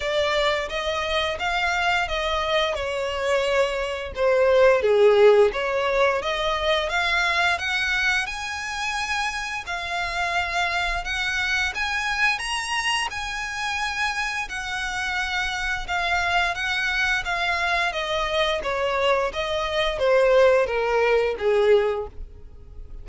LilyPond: \new Staff \with { instrumentName = "violin" } { \time 4/4 \tempo 4 = 87 d''4 dis''4 f''4 dis''4 | cis''2 c''4 gis'4 | cis''4 dis''4 f''4 fis''4 | gis''2 f''2 |
fis''4 gis''4 ais''4 gis''4~ | gis''4 fis''2 f''4 | fis''4 f''4 dis''4 cis''4 | dis''4 c''4 ais'4 gis'4 | }